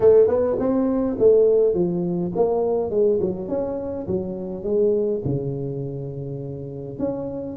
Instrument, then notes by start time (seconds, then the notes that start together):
tuba
0.00 A3
0.27 B3
0.59 C4
1.18 A3
1.73 F3
2.35 A#3
2.90 G#3
3.21 F#3
3.48 C#4
4.07 F#3
4.63 G#3
5.25 C#3
6.98 C#4